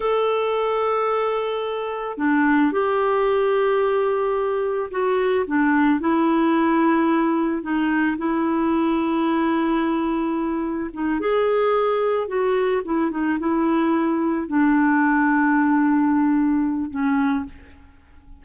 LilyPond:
\new Staff \with { instrumentName = "clarinet" } { \time 4/4 \tempo 4 = 110 a'1 | d'4 g'2.~ | g'4 fis'4 d'4 e'4~ | e'2 dis'4 e'4~ |
e'1 | dis'8 gis'2 fis'4 e'8 | dis'8 e'2 d'4.~ | d'2. cis'4 | }